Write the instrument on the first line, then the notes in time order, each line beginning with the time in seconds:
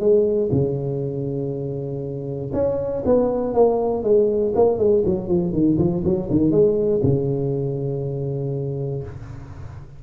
tuba
0.00 G#3
0.52 C#3
2.54 C#4
3.05 B3
3.54 A#3
4.04 G#3
4.55 A#3
4.79 G#3
5.06 F#3
5.28 F3
5.53 D#3
5.78 F3
6.05 F#3
6.30 D#3
6.51 G#3
7.04 C#3